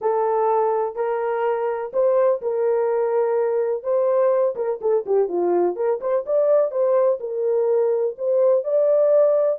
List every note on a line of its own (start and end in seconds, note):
0.01 0.95 A4
0.95 1.91 A#4
1.93 2.41 C5
2.41 3.83 A#4
3.83 4.55 C5
4.55 4.79 A#4
4.81 5.05 A4
5.06 5.28 G4
5.28 5.76 F4
5.76 6.00 A#4
6.00 6.24 C5
6.26 6.71 D5
6.71 7.19 C5
7.20 8.16 A#4
8.18 8.64 C5
8.64 9.59 D5